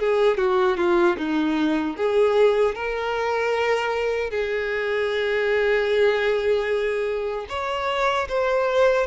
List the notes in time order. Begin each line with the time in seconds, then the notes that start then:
0.00 G#4
0.38 F#4
0.78 F4
1.18 D#4
1.97 G#4
2.75 A#4
4.31 G#4
7.49 C#5
8.29 C5